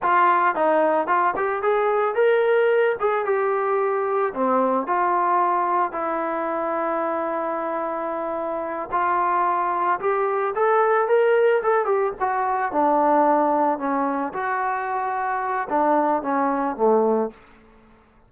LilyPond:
\new Staff \with { instrumentName = "trombone" } { \time 4/4 \tempo 4 = 111 f'4 dis'4 f'8 g'8 gis'4 | ais'4. gis'8 g'2 | c'4 f'2 e'4~ | e'1~ |
e'8 f'2 g'4 a'8~ | a'8 ais'4 a'8 g'8 fis'4 d'8~ | d'4. cis'4 fis'4.~ | fis'4 d'4 cis'4 a4 | }